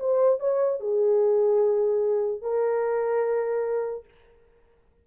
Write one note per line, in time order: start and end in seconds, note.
0.00 0.40 C5
0.40 0.81 C#5
0.81 2.42 G#4
2.42 4.05 A#4